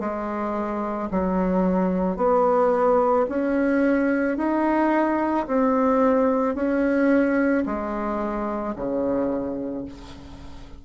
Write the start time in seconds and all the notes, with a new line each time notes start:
0.00 G#3
1.12 F#3
2.17 B3
3.30 C#4
4.38 D#4
5.47 C4
6.56 C#4
7.66 G#3
8.76 C#3